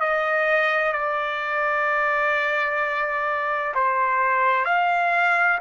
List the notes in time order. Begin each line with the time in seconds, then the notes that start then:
0.00 D#5
0.92 D5
3.75 C5
4.65 F5